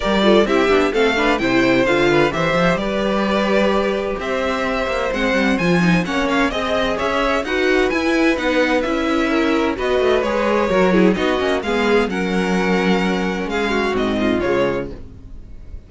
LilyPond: <<
  \new Staff \with { instrumentName = "violin" } { \time 4/4 \tempo 4 = 129 d''4 e''4 f''4 g''4 | f''4 e''4 d''2~ | d''4 e''2 fis''4 | gis''4 fis''8 f''8 dis''4 e''4 |
fis''4 gis''4 fis''4 e''4~ | e''4 dis''4 cis''2 | dis''4 f''4 fis''2~ | fis''4 f''4 dis''4 cis''4 | }
  \new Staff \with { instrumentName = "violin" } { \time 4/4 ais'8 a'8 g'4 a'8 b'8 c''4~ | c''8 b'8 c''4 b'2~ | b'4 c''2.~ | c''4 cis''4 dis''4 cis''4 |
b'1 | ais'4 b'2 ais'8 gis'8 | fis'4 gis'4 ais'2~ | ais'4 gis'8 fis'4 f'4. | }
  \new Staff \with { instrumentName = "viola" } { \time 4/4 g'8 f'8 e'8 d'8 c'8 d'8 e'4 | f'4 g'2.~ | g'2. c'4 | f'8 dis'8 cis'4 gis'2 |
fis'4 e'4 dis'4 e'4~ | e'4 fis'4 gis'4 fis'8 e'8 | dis'8 cis'8 b4 cis'2~ | cis'2 c'4 gis4 | }
  \new Staff \with { instrumentName = "cello" } { \time 4/4 g4 c'8 b8 a4 c4 | d4 e8 f8 g2~ | g4 c'4. ais8 gis8 g8 | f4 ais4 c'4 cis'4 |
dis'4 e'4 b4 cis'4~ | cis'4 b8 a8 gis4 fis4 | b8 ais8 gis4 fis2~ | fis4 gis4 gis,4 cis4 | }
>>